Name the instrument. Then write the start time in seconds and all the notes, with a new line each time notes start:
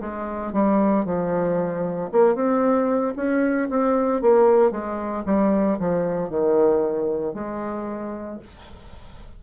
bassoon
0.00 G#3
0.52 G3
1.05 F3
2.11 A#3
2.35 C4
3.16 C#4
3.69 C4
4.21 A#3
4.71 G#3
5.25 G3
5.78 F3
6.29 D#3
7.33 G#3